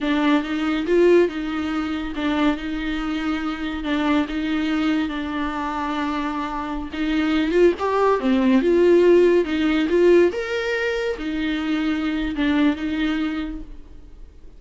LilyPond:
\new Staff \with { instrumentName = "viola" } { \time 4/4 \tempo 4 = 141 d'4 dis'4 f'4 dis'4~ | dis'4 d'4 dis'2~ | dis'4 d'4 dis'2 | d'1~ |
d'16 dis'4. f'8 g'4 c'8.~ | c'16 f'2 dis'4 f'8.~ | f'16 ais'2 dis'4.~ dis'16~ | dis'4 d'4 dis'2 | }